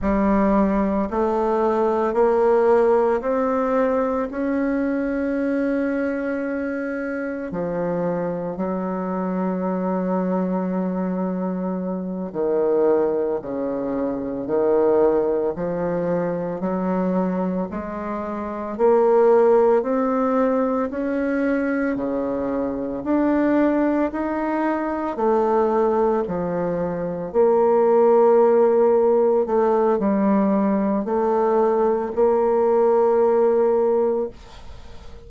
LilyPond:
\new Staff \with { instrumentName = "bassoon" } { \time 4/4 \tempo 4 = 56 g4 a4 ais4 c'4 | cis'2. f4 | fis2.~ fis8 dis8~ | dis8 cis4 dis4 f4 fis8~ |
fis8 gis4 ais4 c'4 cis'8~ | cis'8 cis4 d'4 dis'4 a8~ | a8 f4 ais2 a8 | g4 a4 ais2 | }